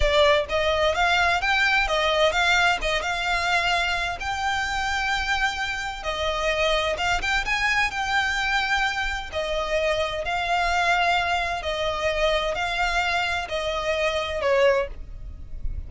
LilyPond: \new Staff \with { instrumentName = "violin" } { \time 4/4 \tempo 4 = 129 d''4 dis''4 f''4 g''4 | dis''4 f''4 dis''8 f''4.~ | f''4 g''2.~ | g''4 dis''2 f''8 g''8 |
gis''4 g''2. | dis''2 f''2~ | f''4 dis''2 f''4~ | f''4 dis''2 cis''4 | }